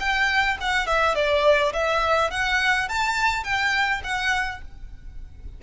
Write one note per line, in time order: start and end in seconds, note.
0.00 0.58 G5
0.61 0.87 F#5
0.87 1.15 E5
1.15 1.73 D5
1.73 2.31 E5
2.31 2.89 F#5
2.89 3.44 A5
3.44 4.02 G5
4.04 4.62 F#5